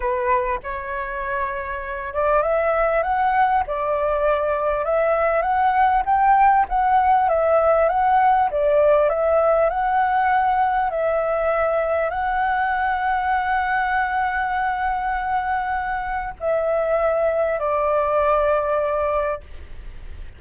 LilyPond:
\new Staff \with { instrumentName = "flute" } { \time 4/4 \tempo 4 = 99 b'4 cis''2~ cis''8 d''8 | e''4 fis''4 d''2 | e''4 fis''4 g''4 fis''4 | e''4 fis''4 d''4 e''4 |
fis''2 e''2 | fis''1~ | fis''2. e''4~ | e''4 d''2. | }